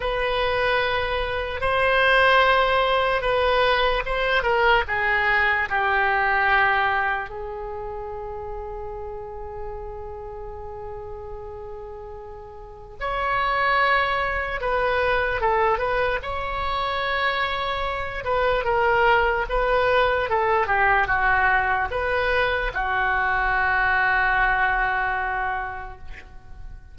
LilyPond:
\new Staff \with { instrumentName = "oboe" } { \time 4/4 \tempo 4 = 74 b'2 c''2 | b'4 c''8 ais'8 gis'4 g'4~ | g'4 gis'2.~ | gis'1 |
cis''2 b'4 a'8 b'8 | cis''2~ cis''8 b'8 ais'4 | b'4 a'8 g'8 fis'4 b'4 | fis'1 | }